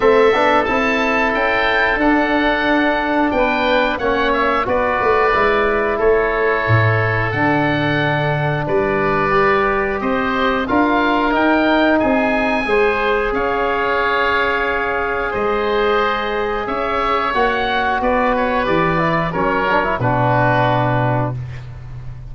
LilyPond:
<<
  \new Staff \with { instrumentName = "oboe" } { \time 4/4 \tempo 4 = 90 e''4 a''4 g''4 fis''4~ | fis''4 g''4 fis''8 e''8 d''4~ | d''4 cis''2 fis''4~ | fis''4 d''2 dis''4 |
f''4 g''4 gis''2 | f''2. dis''4~ | dis''4 e''4 fis''4 d''8 cis''8 | d''4 cis''4 b'2 | }
  \new Staff \with { instrumentName = "oboe" } { \time 4/4 a'1~ | a'4 b'4 cis''4 b'4~ | b'4 a'2.~ | a'4 b'2 c''4 |
ais'2 gis'4 c''4 | cis''2. c''4~ | c''4 cis''2 b'4~ | b'4 ais'4 fis'2 | }
  \new Staff \with { instrumentName = "trombone" } { \time 4/4 c'8 d'8 e'2 d'4~ | d'2 cis'4 fis'4 | e'2. d'4~ | d'2 g'2 |
f'4 dis'2 gis'4~ | gis'1~ | gis'2 fis'2 | g'8 e'8 cis'8 d'16 e'16 d'2 | }
  \new Staff \with { instrumentName = "tuba" } { \time 4/4 a8 b8 c'4 cis'4 d'4~ | d'4 b4 ais4 b8 a8 | gis4 a4 a,4 d4~ | d4 g2 c'4 |
d'4 dis'4 c'4 gis4 | cis'2. gis4~ | gis4 cis'4 ais4 b4 | e4 fis4 b,2 | }
>>